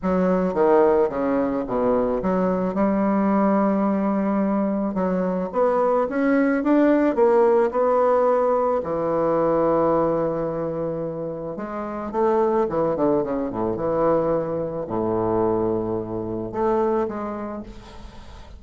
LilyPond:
\new Staff \with { instrumentName = "bassoon" } { \time 4/4 \tempo 4 = 109 fis4 dis4 cis4 b,4 | fis4 g2.~ | g4 fis4 b4 cis'4 | d'4 ais4 b2 |
e1~ | e4 gis4 a4 e8 d8 | cis8 a,8 e2 a,4~ | a,2 a4 gis4 | }